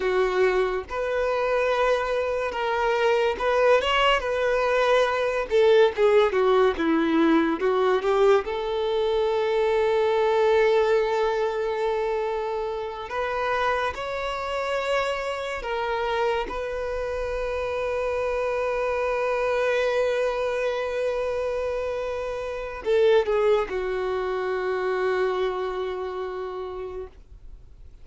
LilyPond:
\new Staff \with { instrumentName = "violin" } { \time 4/4 \tempo 4 = 71 fis'4 b'2 ais'4 | b'8 cis''8 b'4. a'8 gis'8 fis'8 | e'4 fis'8 g'8 a'2~ | a'2.~ a'8 b'8~ |
b'8 cis''2 ais'4 b'8~ | b'1~ | b'2. a'8 gis'8 | fis'1 | }